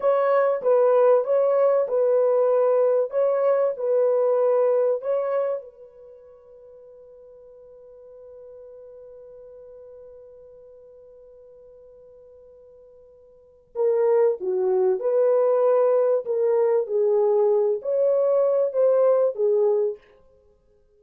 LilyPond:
\new Staff \with { instrumentName = "horn" } { \time 4/4 \tempo 4 = 96 cis''4 b'4 cis''4 b'4~ | b'4 cis''4 b'2 | cis''4 b'2.~ | b'1~ |
b'1~ | b'2 ais'4 fis'4 | b'2 ais'4 gis'4~ | gis'8 cis''4. c''4 gis'4 | }